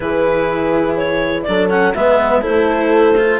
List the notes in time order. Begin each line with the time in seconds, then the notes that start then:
0.00 E3 E4 G#4 B4
0.97 C#5
1.43 F#3 D4 A4 D5
1.69 C#4 F#5
1.94 G#3 B3 B4 E5
2.41 E4 A4 C5
2.47 A3
3.17 F4